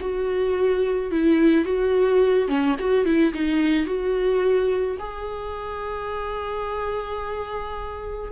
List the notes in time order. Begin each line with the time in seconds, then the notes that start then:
0.00 F#4
1.11 E4
1.64 F#4
2.48 C#4
2.79 F#4
3.05 E4
3.34 D#4
3.86 F#4
4.99 G#4